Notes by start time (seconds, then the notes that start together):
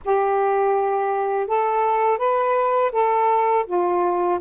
0.04 G4
1.47 A4
2.18 B4
2.91 A4
3.66 F4